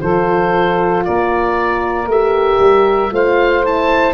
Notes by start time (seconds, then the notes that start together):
0.00 F3 F4 A4 C5
1.05 A#3 A#4 D5
2.06 A3 G4 E5
2.59 G3
3.11 A3 F4 C5 F5
3.63 E4 A5